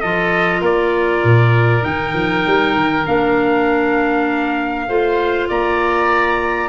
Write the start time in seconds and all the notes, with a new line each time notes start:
0.00 F3 F4 A4 D#5
0.61 A#3 A#4 D5
1.24 A#2
1.82 D#3 D#4 G5
2.14 F3
2.47 G3
2.75 D#3
3.06 A#3 D4 F5
4.88 A3 F4 C5
5.49 A#3 D5 A#5